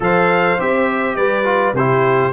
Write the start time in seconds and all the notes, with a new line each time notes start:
0.00 F3 A4 C5 F5
0.58 C4 G4 E5
1.15 G3 B4 D5
1.44 F4
1.73 C3 E4 G4 C5